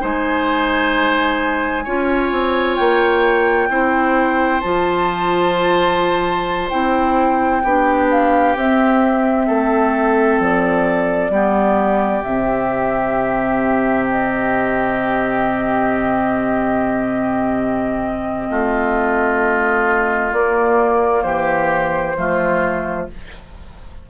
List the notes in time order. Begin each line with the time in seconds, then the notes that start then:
0.00 G#3 D#4 C5 G#5
1.84 C#4 F4 C#5
2.32 C4
2.76 A#3 G5
3.69 C4 E4 C5
4.61 F3 F4 A5
6.69 C4 E4 G5
7.64 B3 D4 G4
8.11 F5
8.56 C4 E5
9.47 A3 A4
10.40 F3 D5
11.30 G3 B3 G4
12.23 C3 C4 E5
14.11 D#5
18.50 A3 F4
20.31 A#3 D5
21.23 E3 G4 C5
22.17 F3 A3 F4